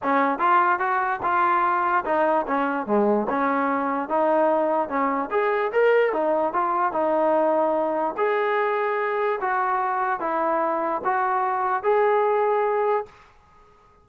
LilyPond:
\new Staff \with { instrumentName = "trombone" } { \time 4/4 \tempo 4 = 147 cis'4 f'4 fis'4 f'4~ | f'4 dis'4 cis'4 gis4 | cis'2 dis'2 | cis'4 gis'4 ais'4 dis'4 |
f'4 dis'2. | gis'2. fis'4~ | fis'4 e'2 fis'4~ | fis'4 gis'2. | }